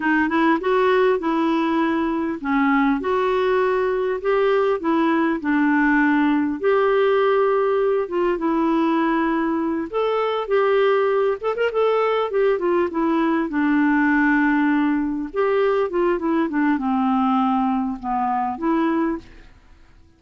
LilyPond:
\new Staff \with { instrumentName = "clarinet" } { \time 4/4 \tempo 4 = 100 dis'8 e'8 fis'4 e'2 | cis'4 fis'2 g'4 | e'4 d'2 g'4~ | g'4. f'8 e'2~ |
e'8 a'4 g'4. a'16 ais'16 a'8~ | a'8 g'8 f'8 e'4 d'4.~ | d'4. g'4 f'8 e'8 d'8 | c'2 b4 e'4 | }